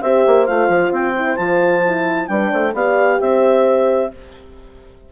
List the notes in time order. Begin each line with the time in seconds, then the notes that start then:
0.00 C4 G4 C5 E5
0.27 A#3
0.46 A3 F4 F5
0.68 F3
0.92 C4 G5
1.16 E4
1.36 F3 F4 A5
1.86 E4
2.27 G3 D4 B4 G5
2.52 A3 C5
2.74 B3 G4 D5 F5
3.20 C4 C5 E5